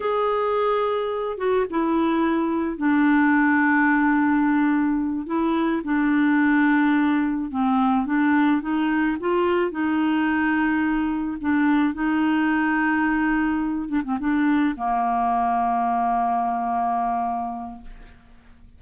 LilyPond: \new Staff \with { instrumentName = "clarinet" } { \time 4/4 \tempo 4 = 108 gis'2~ gis'8 fis'8 e'4~ | e'4 d'2.~ | d'4. e'4 d'4.~ | d'4. c'4 d'4 dis'8~ |
dis'8 f'4 dis'2~ dis'8~ | dis'8 d'4 dis'2~ dis'8~ | dis'4 d'16 c'16 d'4 ais4.~ | ais1 | }